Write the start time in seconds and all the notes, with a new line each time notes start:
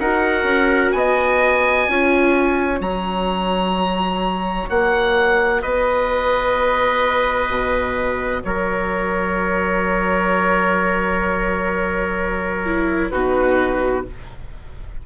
0.00 D#4 F#4 A#4 F#5
0.44 C#4
0.92 B3 D#5 G#5
1.88 C#4 F4 C#5
2.81 F#3 F#4 A#5
4.70 A#3 F#5
5.62 B3 B4 D#5
7.50 B2
8.44 F#3 A#4 C#5
12.67 E4
13.10 B2 D#4 F#4 B4